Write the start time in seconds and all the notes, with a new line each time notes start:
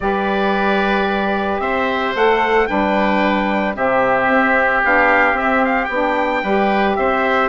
0.00 G3 G4 B4 D5
1.59 C4 C5 E5
2.14 A3 A4 F#5
2.67 G3 D4 B4 G5
3.74 C3 C4 G4 E5
4.28 C4
4.84 B3 D4 F5
5.33 C4 E5
5.64 F5
5.85 B3 G5
5.91 D4
6.42 G3 G4 B4
6.95 C4 C5 E5